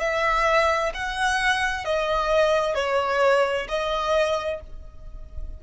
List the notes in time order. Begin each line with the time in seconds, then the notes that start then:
0.00 E5
0.94 F#5
1.85 D#5
2.74 C#5
3.68 D#5